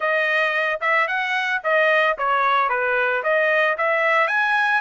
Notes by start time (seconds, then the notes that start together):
0.00 D#5
0.80 E5
1.07 F#5
1.63 D#5
2.17 C#5
2.69 B4
3.23 D#5
3.77 E5
4.27 G#5